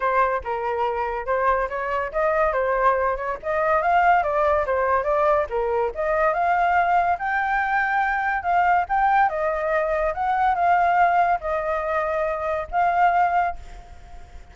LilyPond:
\new Staff \with { instrumentName = "flute" } { \time 4/4 \tempo 4 = 142 c''4 ais'2 c''4 | cis''4 dis''4 c''4. cis''8 | dis''4 f''4 d''4 c''4 | d''4 ais'4 dis''4 f''4~ |
f''4 g''2. | f''4 g''4 dis''2 | fis''4 f''2 dis''4~ | dis''2 f''2 | }